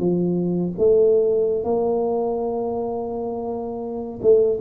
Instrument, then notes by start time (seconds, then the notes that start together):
tuba
0.00 F3
0.78 A3
1.64 A#3
4.22 A3